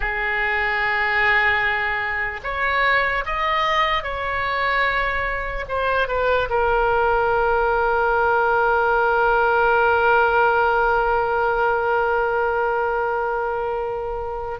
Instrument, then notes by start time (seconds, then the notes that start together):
oboe
0.00 G#4
2.43 C#5
3.25 D#5
4.03 C#5
5.68 C5
6.08 B4
6.49 A#4